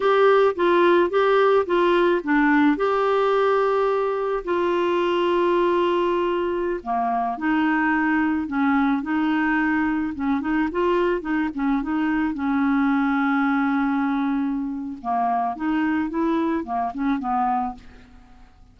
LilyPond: \new Staff \with { instrumentName = "clarinet" } { \time 4/4 \tempo 4 = 108 g'4 f'4 g'4 f'4 | d'4 g'2. | f'1~ | f'16 ais4 dis'2 cis'8.~ |
cis'16 dis'2 cis'8 dis'8 f'8.~ | f'16 dis'8 cis'8 dis'4 cis'4.~ cis'16~ | cis'2. ais4 | dis'4 e'4 ais8 cis'8 b4 | }